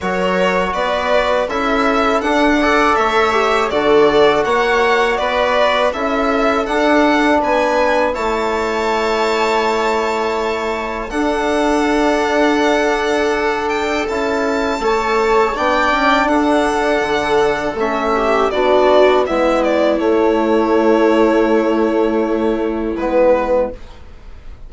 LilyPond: <<
  \new Staff \with { instrumentName = "violin" } { \time 4/4 \tempo 4 = 81 cis''4 d''4 e''4 fis''4 | e''4 d''4 fis''4 d''4 | e''4 fis''4 gis''4 a''4~ | a''2. fis''4~ |
fis''2~ fis''8 g''8 a''4~ | a''4 g''4 fis''2 | e''4 d''4 e''8 d''8 cis''4~ | cis''2. b'4 | }
  \new Staff \with { instrumentName = "viola" } { \time 4/4 ais'4 b'4 a'4. d''8 | cis''4 a'4 cis''4 b'4 | a'2 b'4 cis''4~ | cis''2. a'4~ |
a'1 | cis''4 d''4 a'2~ | a'8 g'8 fis'4 e'2~ | e'1 | }
  \new Staff \with { instrumentName = "trombone" } { \time 4/4 fis'2 e'4 d'8 a'8~ | a'8 g'8 fis'2. | e'4 d'2 e'4~ | e'2. d'4~ |
d'2. e'4 | a'4 d'2. | cis'4 d'4 b4 a4~ | a2. b4 | }
  \new Staff \with { instrumentName = "bassoon" } { \time 4/4 fis4 b4 cis'4 d'4 | a4 d4 ais4 b4 | cis'4 d'4 b4 a4~ | a2. d'4~ |
d'2. cis'4 | a4 b8 cis'8 d'4 d4 | a4 b4 gis4 a4~ | a2. gis4 | }
>>